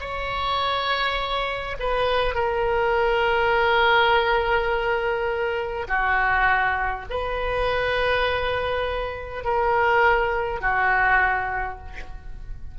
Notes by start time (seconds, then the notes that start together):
0.00 C#5
1.80 B4
2.34 A#4
5.88 F#4
7.10 B4
9.44 A#4
10.61 F#4